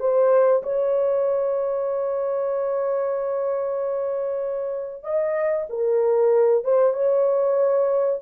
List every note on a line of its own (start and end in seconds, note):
0.00 0.63 C5
0.63 5.04 C#5
5.04 5.67 D#5
5.70 6.65 A#4
6.65 6.94 C5
6.94 8.20 C#5